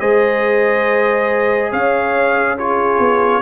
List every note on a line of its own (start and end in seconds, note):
0.00 1.73 G#3
0.00 2.58 G#4
0.00 1.71 C5
0.00 1.72 D#5
1.71 3.00 C#4
1.71 2.57 C#5
1.71 2.58 F5
2.58 3.42 F4
2.58 3.42 G#4
2.58 3.42 C#5
3.00 3.42 B3